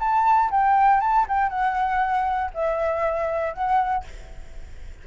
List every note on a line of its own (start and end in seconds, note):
0.00 0.51 A5
0.51 1.01 G5
1.01 1.26 A5
1.29 1.50 G5
1.50 2.51 F#5
2.54 3.54 E5
3.54 4.05 F#5